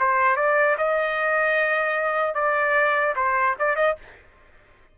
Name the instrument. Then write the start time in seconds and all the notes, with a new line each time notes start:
trumpet
0.00 C5
0.36 D5
0.78 D#5
2.35 D5
3.16 C5
3.60 D5
3.76 D#5